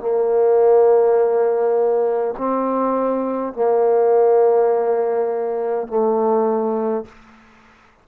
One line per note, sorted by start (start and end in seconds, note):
0.00 2.35 A#3
2.38 3.53 C4
3.53 5.88 A#3
5.88 7.05 A3